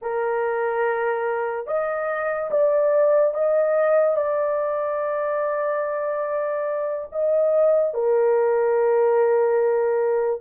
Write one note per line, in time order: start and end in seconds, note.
0.01 1.67 A#4
1.67 2.50 D#5
2.50 3.34 D5
3.34 4.16 D#5
4.16 7.08 D5
7.12 7.94 D#5
7.94 10.41 A#4